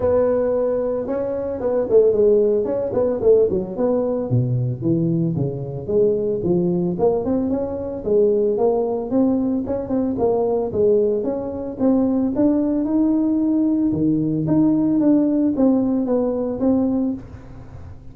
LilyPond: \new Staff \with { instrumentName = "tuba" } { \time 4/4 \tempo 4 = 112 b2 cis'4 b8 a8 | gis4 cis'8 b8 a8 fis8 b4 | b,4 e4 cis4 gis4 | f4 ais8 c'8 cis'4 gis4 |
ais4 c'4 cis'8 c'8 ais4 | gis4 cis'4 c'4 d'4 | dis'2 dis4 dis'4 | d'4 c'4 b4 c'4 | }